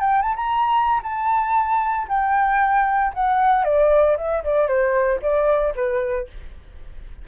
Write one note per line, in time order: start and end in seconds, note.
0.00 0.22 G5
0.22 0.35 A5
0.35 1.01 A#5
1.03 2.07 A5
2.08 3.12 G5
3.13 3.64 F#5
3.64 4.16 D5
4.17 4.43 E5
4.43 4.67 D5
4.67 5.19 C5
5.22 5.74 D5
5.75 6.27 B4